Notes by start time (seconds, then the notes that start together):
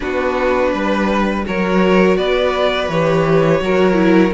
0.00 B3 D4 F#4 B4
0.73 G3 B4
1.45 F#3 F#4 A#4 C#5
2.16 B3 B4 D5
2.88 E3 G4 C#5
3.60 F#3 F#4 A#4
3.93 E4